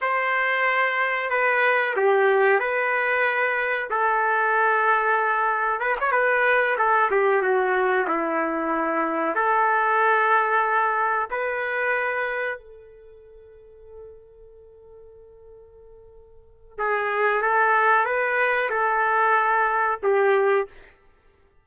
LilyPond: \new Staff \with { instrumentName = "trumpet" } { \time 4/4 \tempo 4 = 93 c''2 b'4 g'4 | b'2 a'2~ | a'4 b'16 cis''16 b'4 a'8 g'8 fis'8~ | fis'8 e'2 a'4.~ |
a'4. b'2 a'8~ | a'1~ | a'2 gis'4 a'4 | b'4 a'2 g'4 | }